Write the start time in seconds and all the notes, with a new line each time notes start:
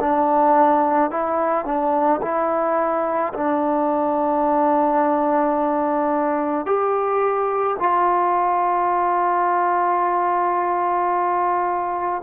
0.00 D4
1.11 E4
1.65 D4
2.22 E4
3.34 D4
6.66 G4
7.79 F4